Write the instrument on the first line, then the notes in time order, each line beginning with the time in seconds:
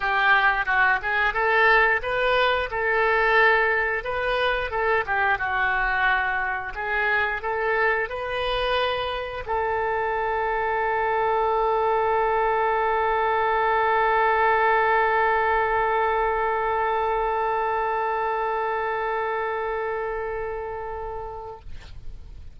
oboe
0.00 G4
0.65 F#4
1.01 G#4
1.33 A4
2.02 B4
2.70 A4
4.04 B4
4.70 A4
5.06 G4
5.38 F#4
6.74 G#4
7.42 A4
8.09 B4
9.46 A4